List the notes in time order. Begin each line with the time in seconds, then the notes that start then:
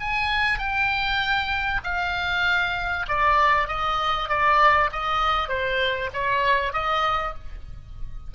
0.00 G#5
0.59 G5
1.84 F5
3.08 D5
3.68 D#5
4.29 D5
4.92 D#5
5.49 C5
6.13 C#5
6.73 D#5